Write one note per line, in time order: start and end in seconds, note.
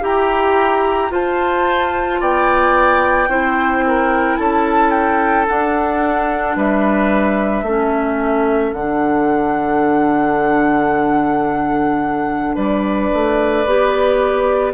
0.00 1.10 E4
0.00 1.09 G4
0.00 1.12 G4
0.00 1.12 A#5
1.09 3.27 F4
1.09 2.20 F4
1.09 2.20 C5
1.09 2.22 A5
2.20 3.28 B3
2.20 3.29 D5
2.20 4.36 G5
3.28 4.37 C4
3.28 5.47 E4
3.28 3.84 C5
3.87 4.39 A#4
4.36 5.48 C#4
4.36 6.57 A4
4.36 4.90 A5
4.90 5.45 G5
5.47 7.65 D4
5.47 6.56 D4
5.47 6.57 F#5
6.56 7.62 G3
6.56 7.64 B4
6.56 8.73 E5
7.62 8.71 A3
7.62 8.75 C#4
7.62 12.55 A4
8.73 12.55 D3
8.73 13.66 D4
8.73 12.55 F#5
12.55 13.11 G3
12.55 14.73 B4
12.55 14.73 D5
13.13 13.65 A3
13.65 14.73 B3
13.65 14.73 G4